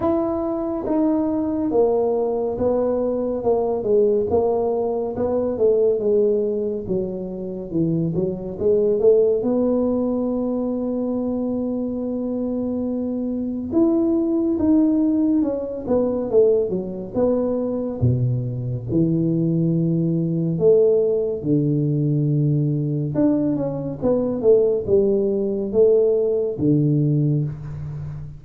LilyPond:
\new Staff \with { instrumentName = "tuba" } { \time 4/4 \tempo 4 = 70 e'4 dis'4 ais4 b4 | ais8 gis8 ais4 b8 a8 gis4 | fis4 e8 fis8 gis8 a8 b4~ | b1 |
e'4 dis'4 cis'8 b8 a8 fis8 | b4 b,4 e2 | a4 d2 d'8 cis'8 | b8 a8 g4 a4 d4 | }